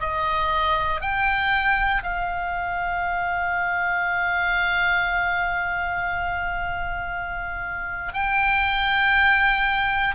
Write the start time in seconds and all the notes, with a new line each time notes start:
0.00 D#5
1.01 G5
2.03 F5
8.14 G5